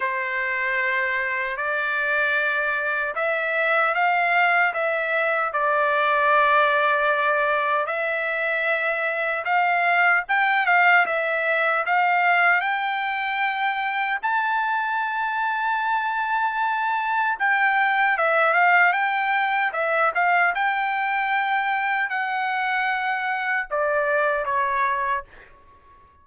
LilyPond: \new Staff \with { instrumentName = "trumpet" } { \time 4/4 \tempo 4 = 76 c''2 d''2 | e''4 f''4 e''4 d''4~ | d''2 e''2 | f''4 g''8 f''8 e''4 f''4 |
g''2 a''2~ | a''2 g''4 e''8 f''8 | g''4 e''8 f''8 g''2 | fis''2 d''4 cis''4 | }